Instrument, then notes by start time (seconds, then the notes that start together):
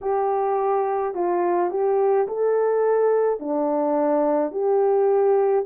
horn
0.01 G4
1.14 F4
1.70 G4
2.27 A4
3.40 D4
4.51 G4